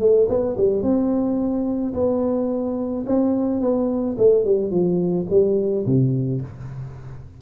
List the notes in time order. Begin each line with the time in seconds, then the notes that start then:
0.00 A3
0.29 B3
0.58 G3
0.83 C4
1.94 B3
3.07 C4
3.61 B3
4.18 A3
4.45 G3
4.71 F3
5.30 G3
5.86 C3